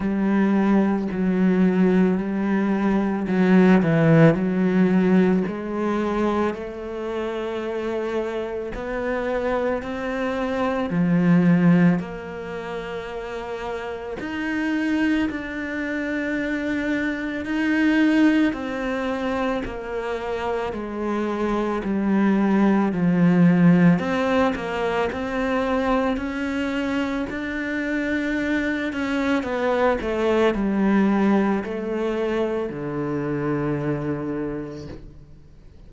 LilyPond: \new Staff \with { instrumentName = "cello" } { \time 4/4 \tempo 4 = 55 g4 fis4 g4 fis8 e8 | fis4 gis4 a2 | b4 c'4 f4 ais4~ | ais4 dis'4 d'2 |
dis'4 c'4 ais4 gis4 | g4 f4 c'8 ais8 c'4 | cis'4 d'4. cis'8 b8 a8 | g4 a4 d2 | }